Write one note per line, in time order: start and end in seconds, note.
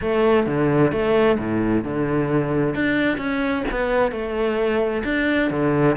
0.01 0.46 A3
0.46 0.92 D3
0.92 1.37 A3
1.38 1.84 A2
1.84 2.75 D3
2.75 3.17 D4
3.17 3.63 C#4
3.71 4.11 B3
4.11 5.03 A3
5.04 5.50 D4
5.50 5.96 D3